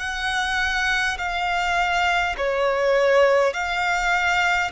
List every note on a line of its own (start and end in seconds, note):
0.00 1.18 F#5
1.18 2.35 F5
2.37 3.53 C#5
3.53 4.71 F5